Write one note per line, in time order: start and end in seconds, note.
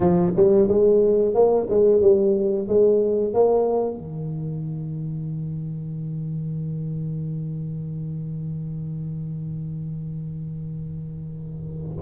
0.00 0.32 F3
0.36 0.68 G3
0.68 1.34 G#3
1.34 1.67 A#3
1.69 2.01 G#3
2.01 2.67 G3
2.67 3.33 G#3
3.33 3.97 A#3
3.97 11.97 D#3